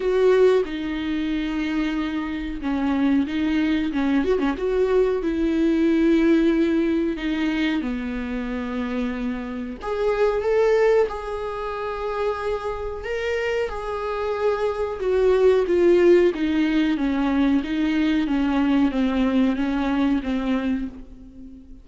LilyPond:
\new Staff \with { instrumentName = "viola" } { \time 4/4 \tempo 4 = 92 fis'4 dis'2. | cis'4 dis'4 cis'8 fis'16 cis'16 fis'4 | e'2. dis'4 | b2. gis'4 |
a'4 gis'2. | ais'4 gis'2 fis'4 | f'4 dis'4 cis'4 dis'4 | cis'4 c'4 cis'4 c'4 | }